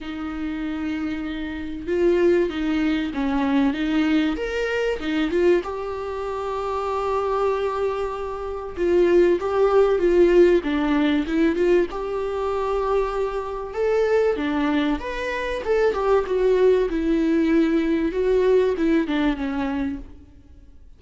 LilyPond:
\new Staff \with { instrumentName = "viola" } { \time 4/4 \tempo 4 = 96 dis'2. f'4 | dis'4 cis'4 dis'4 ais'4 | dis'8 f'8 g'2.~ | g'2 f'4 g'4 |
f'4 d'4 e'8 f'8 g'4~ | g'2 a'4 d'4 | b'4 a'8 g'8 fis'4 e'4~ | e'4 fis'4 e'8 d'8 cis'4 | }